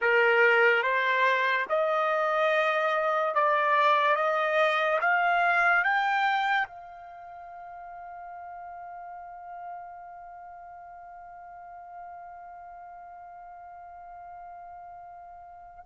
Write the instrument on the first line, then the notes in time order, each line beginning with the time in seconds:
trumpet
0.01 A#4
0.83 C5
1.69 D#5
3.34 D5
4.15 D#5
5.00 F5
5.84 G5
6.67 F5